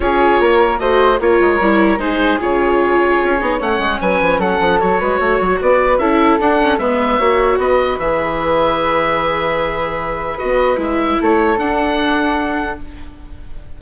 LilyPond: <<
  \new Staff \with { instrumentName = "oboe" } { \time 4/4 \tempo 4 = 150 cis''2 dis''4 cis''4~ | cis''4 c''4 cis''2~ | cis''4 fis''4 gis''4 fis''4 | cis''2 d''4 e''4 |
fis''4 e''2 dis''4 | e''1~ | e''2 dis''4 e''4 | cis''4 fis''2. | }
  \new Staff \with { instrumentName = "flute" } { \time 4/4 gis'4 ais'4 c''4 ais'4~ | ais'4 gis'2.~ | gis'4 cis''4 b'4 a'4~ | a'8 b'8 cis''4 b'4 a'4~ |
a'4 b'4 cis''4 b'4~ | b'1~ | b'1 | a'1 | }
  \new Staff \with { instrumentName = "viola" } { \time 4/4 f'2 fis'4 f'4 | e'4 dis'4 f'2~ | f'8 dis'8 cis'2. | fis'2. e'4 |
d'8 cis'8 b4 fis'2 | gis'1~ | gis'2 fis'4 e'4~ | e'4 d'2. | }
  \new Staff \with { instrumentName = "bassoon" } { \time 4/4 cis'4 ais4 a4 ais8 gis8 | g4 gis4 cis2 | cis'8 b8 a8 gis8 fis8 f8 fis8 f8 | fis8 gis8 a8 fis8 b4 cis'4 |
d'4 gis4 ais4 b4 | e1~ | e2 b4 gis4 | a4 d'2. | }
>>